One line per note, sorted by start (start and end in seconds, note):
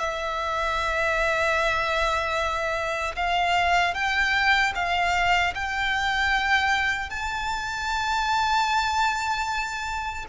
0.00 3.16 E5
3.16 3.95 F5
3.95 4.74 G5
4.75 5.54 F5
5.55 7.10 G5
7.10 10.26 A5